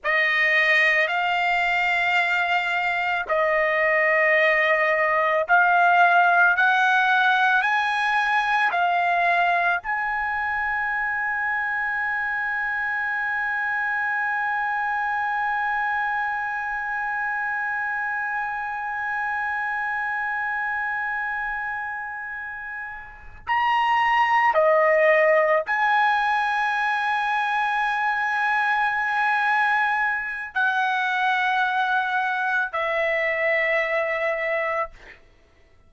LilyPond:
\new Staff \with { instrumentName = "trumpet" } { \time 4/4 \tempo 4 = 55 dis''4 f''2 dis''4~ | dis''4 f''4 fis''4 gis''4 | f''4 gis''2.~ | gis''1~ |
gis''1~ | gis''4. ais''4 dis''4 gis''8~ | gis''1 | fis''2 e''2 | }